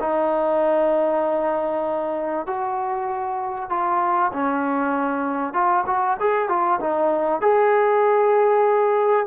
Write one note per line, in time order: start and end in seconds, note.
0.00 2.46 D#4
2.46 3.70 F#4
3.70 4.32 F4
4.33 5.54 C#4
5.54 5.85 F4
5.87 6.17 F#4
6.20 6.49 G#4
6.49 6.80 F4
6.80 7.41 D#4
7.41 9.26 G#4